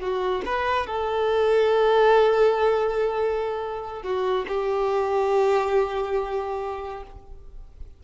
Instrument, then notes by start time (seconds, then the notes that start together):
violin
0.00 F#4
0.45 B4
0.87 A4
4.03 F#4
4.48 G4